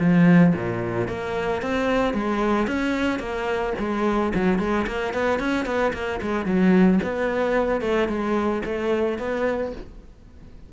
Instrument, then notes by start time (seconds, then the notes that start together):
cello
0.00 F3
0.55 A#2
1.09 A#3
1.62 C4
2.14 G#3
2.68 C#4
3.20 A#3
3.79 G#3
4.35 F#3
4.59 G#3
4.87 A#3
5.14 B3
5.40 C#4
5.66 B3
5.94 A#3
6.22 G#3
6.46 F#3
7.04 B3
7.82 A3
8.09 G#3
8.65 A3
9.19 B3